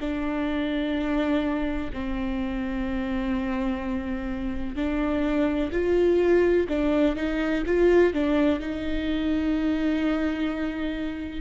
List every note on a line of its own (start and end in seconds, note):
0.00 1.90 D4
1.93 4.76 C4
4.76 5.71 D4
5.72 6.67 F4
6.69 7.16 D4
7.16 7.64 D#4
7.66 8.13 F4
8.13 8.60 D4
8.60 11.41 D#4